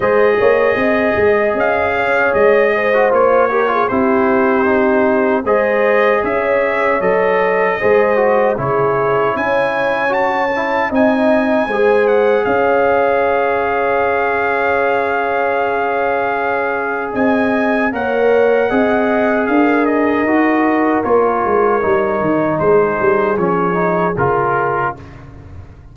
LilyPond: <<
  \new Staff \with { instrumentName = "trumpet" } { \time 4/4 \tempo 4 = 77 dis''2 f''4 dis''4 | cis''4 c''2 dis''4 | e''4 dis''2 cis''4 | gis''4 a''4 gis''4. fis''8 |
f''1~ | f''2 gis''4 fis''4~ | fis''4 f''8 dis''4. cis''4~ | cis''4 c''4 cis''4 ais'4 | }
  \new Staff \with { instrumentName = "horn" } { \time 4/4 c''8 cis''8 dis''4. cis''4 c''8~ | c''8 ais'16 gis'16 g'2 c''4 | cis''2 c''4 gis'4 | cis''2 dis''4 c''4 |
cis''1~ | cis''2 dis''4 cis''4 | dis''4 ais'2.~ | ais'4 gis'2. | }
  \new Staff \with { instrumentName = "trombone" } { \time 4/4 gis'2.~ gis'8. fis'16 | f'8 g'16 f'16 e'4 dis'4 gis'4~ | gis'4 a'4 gis'8 fis'8 e'4~ | e'4 fis'8 e'8 dis'4 gis'4~ |
gis'1~ | gis'2. ais'4 | gis'2 fis'4 f'4 | dis'2 cis'8 dis'8 f'4 | }
  \new Staff \with { instrumentName = "tuba" } { \time 4/4 gis8 ais8 c'8 gis8 cis'4 gis4 | ais4 c'2 gis4 | cis'4 fis4 gis4 cis4 | cis'2 c'4 gis4 |
cis'1~ | cis'2 c'4 ais4 | c'4 d'4 dis'4 ais8 gis8 | g8 dis8 gis8 g8 f4 cis4 | }
>>